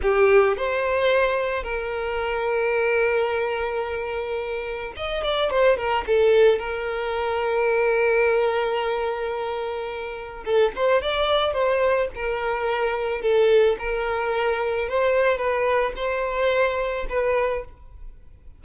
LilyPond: \new Staff \with { instrumentName = "violin" } { \time 4/4 \tempo 4 = 109 g'4 c''2 ais'4~ | ais'1~ | ais'4 dis''8 d''8 c''8 ais'8 a'4 | ais'1~ |
ais'2. a'8 c''8 | d''4 c''4 ais'2 | a'4 ais'2 c''4 | b'4 c''2 b'4 | }